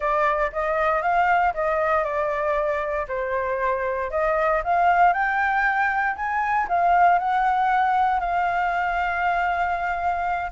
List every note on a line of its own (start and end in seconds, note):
0.00 0.51 D5
0.52 1.01 D#5
1.01 1.53 F5
1.54 2.04 D#5
2.04 3.06 D5
3.08 4.10 C5
4.10 4.62 D#5
4.63 5.13 F5
5.13 6.15 G5
6.15 6.67 G#5
6.68 7.18 F5
7.18 8.20 F#5
8.20 10.50 F5